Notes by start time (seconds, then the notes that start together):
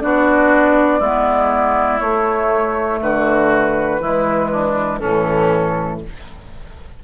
0.00 B3 D4 F#4 D5
0.99 G#3 B3 E4
1.99 A3 C#5
3.02 D3 F#4 B4
4.00 E3 G#3 E4
4.51 D4
5.00 A2 E3 C#4 A4